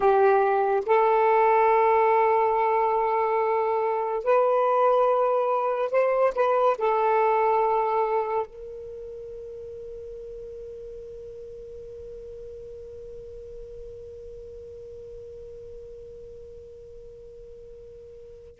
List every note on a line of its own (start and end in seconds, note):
0.00 0.83 G4
0.86 4.23 A4
4.23 5.91 B4
5.91 6.33 C5
6.35 6.77 B4
6.78 8.46 A4
8.46 18.60 A#4